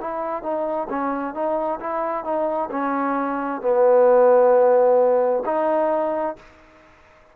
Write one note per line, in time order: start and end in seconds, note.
0.00 0.42 E4
0.42 0.88 D#4
0.89 1.34 C#4
1.34 1.79 D#4
1.80 2.24 E4
2.24 2.69 D#4
2.71 3.61 C#4
3.61 5.43 B3
5.45 6.36 D#4